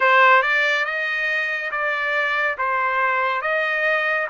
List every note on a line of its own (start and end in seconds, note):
0.00 0.42 C5
0.42 0.85 D5
0.85 1.71 D#5
1.71 2.56 D5
2.58 3.41 C5
3.41 4.27 D#5